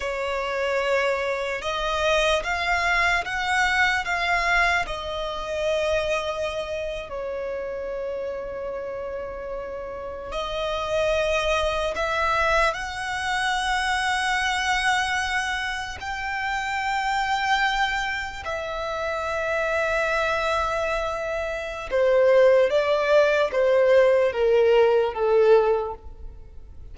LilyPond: \new Staff \with { instrumentName = "violin" } { \time 4/4 \tempo 4 = 74 cis''2 dis''4 f''4 | fis''4 f''4 dis''2~ | dis''8. cis''2.~ cis''16~ | cis''8. dis''2 e''4 fis''16~ |
fis''2.~ fis''8. g''16~ | g''2~ g''8. e''4~ e''16~ | e''2. c''4 | d''4 c''4 ais'4 a'4 | }